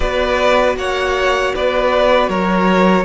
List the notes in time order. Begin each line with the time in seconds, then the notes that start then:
0.00 B3 F#4 B4 D5
0.76 A#3 C#5 F#5
1.55 B3 B4 D5
2.28 F#3 A#4 C#5